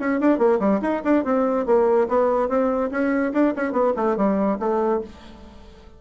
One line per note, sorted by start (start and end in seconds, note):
0.00 0.21 C#4
0.21 0.39 D4
0.39 0.59 A#3
0.60 0.81 G3
0.82 1.03 D#4
1.05 1.25 D4
1.25 1.66 C4
1.66 2.08 A#3
2.09 2.49 B3
2.49 2.91 C4
2.91 3.33 C#4
3.34 3.54 D4
3.57 3.73 C#4
3.73 3.94 B3
3.97 4.17 A3
4.17 4.59 G3
4.60 5.02 A3